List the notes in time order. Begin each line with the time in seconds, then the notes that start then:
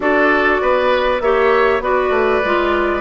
0.00 D4 F#4 A4 D5
0.61 B3 B4
1.20 A#3 G4 C#5 E5
1.80 B3 F#4 B4 D5
2.10 A3
2.44 G#3 F4